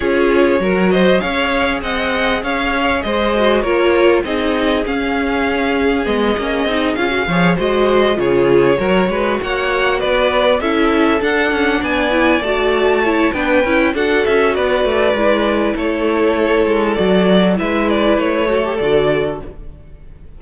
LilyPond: <<
  \new Staff \with { instrumentName = "violin" } { \time 4/4 \tempo 4 = 99 cis''4. dis''8 f''4 fis''4 | f''4 dis''4 cis''4 dis''4 | f''2 dis''4. f''8~ | f''8 dis''4 cis''2 fis''8~ |
fis''8 d''4 e''4 fis''4 gis''8~ | gis''8 a''4. g''4 fis''8 e''8 | d''2 cis''2 | d''4 e''8 d''8 cis''4 d''4 | }
  \new Staff \with { instrumentName = "violin" } { \time 4/4 gis'4 ais'8 c''8 cis''4 dis''4 | cis''4 c''4 ais'4 gis'4~ | gis'1 | cis''8 c''4 gis'4 ais'8 b'8 cis''8~ |
cis''8 b'4 a'2 d''8~ | d''4. cis''8 b'4 a'4 | b'2 a'2~ | a'4 b'4. a'4. | }
  \new Staff \with { instrumentName = "viola" } { \time 4/4 f'4 fis'4 gis'2~ | gis'4. fis'8 f'4 dis'4 | cis'2 b8 cis'8 dis'8 f'16 fis'16 | gis'8 fis'4 f'4 fis'4.~ |
fis'4. e'4 d'4. | e'8 fis'4 e'8 d'8 e'8 fis'4~ | fis'4 e'2. | fis'4 e'4. fis'16 g'16 fis'4 | }
  \new Staff \with { instrumentName = "cello" } { \time 4/4 cis'4 fis4 cis'4 c'4 | cis'4 gis4 ais4 c'4 | cis'2 gis8 ais8 c'8 cis'8 | f8 gis4 cis4 fis8 gis8 ais8~ |
ais8 b4 cis'4 d'8 cis'8 b8~ | b8 a4. b8 cis'8 d'8 cis'8 | b8 a8 gis4 a4. gis8 | fis4 gis4 a4 d4 | }
>>